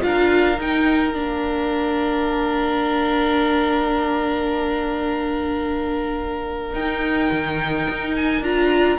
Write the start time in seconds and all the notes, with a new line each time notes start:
0.00 D4 F4 F5
0.06 A#4
0.58 D#4 G5
1.12 A#3 D4 F5
6.73 D#4 G5
7.31 D#3
7.89 D#4
8.15 G#5
8.41 D4 F4 A#5